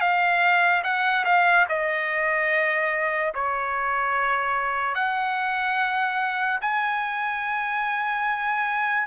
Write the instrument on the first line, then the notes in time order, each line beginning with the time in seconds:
trumpet
0.00 F5
0.83 F#5
1.25 F5
1.69 D#5
3.34 C#5
4.95 F#5
6.61 G#5